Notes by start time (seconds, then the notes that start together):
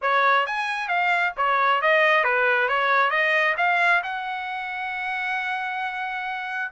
0.01 C#5
0.46 G#5
0.88 F5
1.36 C#5
1.81 D#5
2.24 B4
2.68 C#5
3.10 D#5
3.57 F5
4.03 F#5